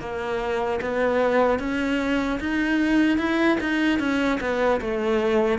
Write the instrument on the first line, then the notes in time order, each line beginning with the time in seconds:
cello
0.00 A#3
0.81 B3
1.59 C#4
2.40 D#4
3.18 E4
3.60 D#4
3.99 C#4
4.40 B3
4.81 A3